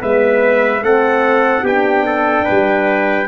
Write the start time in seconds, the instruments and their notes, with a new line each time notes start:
0.00 tuba G#3, horn B3, trumpet B4 E5
0.81 tuba A3, horn C4, trumpet A4 F#5
1.63 tuba B3, horn D4, trumpet G4 G5
2.06 trumpet A4
2.45 tuba G3, trumpet B4